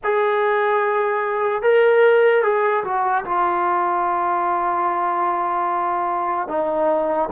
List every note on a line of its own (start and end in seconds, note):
0.03 1.62 G#4
1.62 2.43 A#4
2.43 2.83 G#4
2.84 3.24 F#4
3.24 6.48 F4
6.48 7.29 D#4